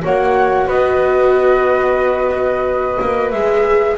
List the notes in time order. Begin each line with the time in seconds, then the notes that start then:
0.00 A#3 F#4 C#5 F#5
0.66 B3 B4 D#5
3.01 A#3
3.30 G#3 G#4 E5